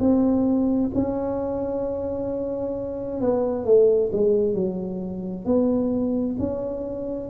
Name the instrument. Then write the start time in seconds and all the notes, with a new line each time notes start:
tuba
0.00 C4
0.95 C#4
3.21 B3
3.65 A3
4.13 G#3
4.55 F#3
5.45 B3
6.39 C#4